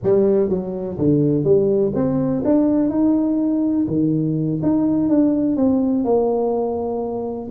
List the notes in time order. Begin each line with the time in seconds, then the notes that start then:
0.03 G3
0.49 F#3
0.97 D3
1.44 G3
1.94 C4
2.44 D4
2.89 D#4
3.87 D#3
4.62 D#4
5.09 D4
5.56 C4
6.04 A#3